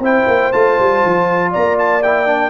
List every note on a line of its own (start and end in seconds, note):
0.00 0.25 C4
0.00 0.53 E4
0.00 1.51 C5
0.00 0.53 G5
0.28 0.52 A#3
0.53 0.79 A3
0.53 2.02 F4
0.53 1.52 A5
0.79 1.04 G3
1.05 1.55 F3
1.51 2.51 A#3
1.51 2.50 D5
1.51 1.78 A#5
1.79 2.03 A5
2.03 2.26 E4
2.03 2.51 G5
2.26 2.51 D4